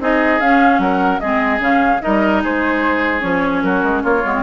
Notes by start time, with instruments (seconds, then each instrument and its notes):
0.00 bassoon C4, clarinet D#4, oboe G#4, flute D#5
0.40 bassoon C#4, clarinet C#4, flute F5
0.78 bassoon F#3, oboe A#4, flute F#5
1.20 bassoon G#3, clarinet C4, oboe G#4, flute D#5
1.60 bassoon C#3, clarinet C#4, flute F5
2.01 bassoon G3, clarinet D#4, oboe A#4, flute D#5
2.43 bassoon G#3, oboe G#4, flute C5
3.20 bassoon F3, clarinet C#4, flute C#5
3.63 bassoon F#3, oboe F#4, flute A#4
3.83 bassoon G#3
4.03 bassoon A#3, oboe F4, flute C#5
4.24 bassoon G#3, clarinet B3
4.35 clarinet C4